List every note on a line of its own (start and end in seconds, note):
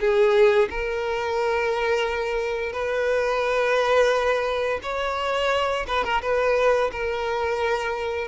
0.00 0.69 G#4
0.70 2.73 A#4
2.73 4.80 B4
4.83 5.86 C#5
5.87 6.04 B4
6.04 6.22 A#4
6.22 6.91 B4
6.92 8.28 A#4